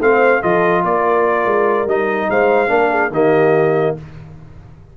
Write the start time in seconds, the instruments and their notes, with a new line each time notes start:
0.00 tuba A3, trombone C4, horn C5, trumpet F5
0.42 tuba F3, trombone F4, horn A4, trumpet D#5
0.85 tuba A#3, horn A#4, trumpet D5
1.46 tuba G#3
1.87 tuba G3, trombone D#4, trumpet D#5
2.30 tuba G#3, horn C5, trumpet F5
2.68 tuba A#3, trombone D4, horn A#4
2.91 horn G#4
3.11 tuba D#3, trombone A#3, horn G4, trumpet D#5